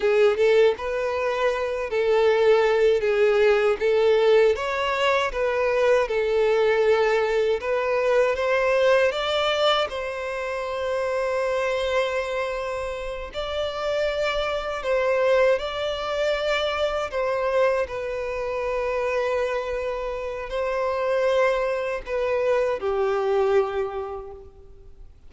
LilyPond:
\new Staff \with { instrumentName = "violin" } { \time 4/4 \tempo 4 = 79 gis'8 a'8 b'4. a'4. | gis'4 a'4 cis''4 b'4 | a'2 b'4 c''4 | d''4 c''2.~ |
c''4. d''2 c''8~ | c''8 d''2 c''4 b'8~ | b'2. c''4~ | c''4 b'4 g'2 | }